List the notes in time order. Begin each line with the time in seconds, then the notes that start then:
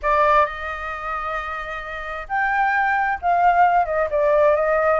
0.02 D5
0.45 D#5
2.28 G5
3.21 F5
3.85 D#5
4.10 D5
4.55 D#5